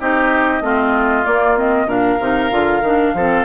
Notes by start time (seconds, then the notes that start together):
0.00 C4 D#4 G4 D#5
0.61 A3 C4 F4
1.25 A#3 D5
1.56 C4 D#5
1.86 A#2 D4 A#4 F5
2.20 C3 D#4
2.51 D3 F4
2.81 D#3 D4
3.14 F3 C4 A4